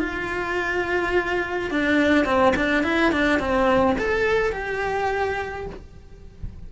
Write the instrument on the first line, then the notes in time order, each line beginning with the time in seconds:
cello
0.00 F4
1.71 D4
2.25 C4
2.56 D4
2.84 E4
3.12 D4
3.39 C4
3.98 A4
4.52 G4